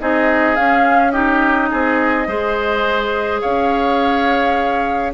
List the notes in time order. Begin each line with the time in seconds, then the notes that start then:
0.00 C4 D#4 G#4 D#5
0.56 C#4 F5
1.12 D#4 G4 D#5
1.71 C4 G#4
2.27 G#3 G#4 C5
3.42 C#4 C#5 F5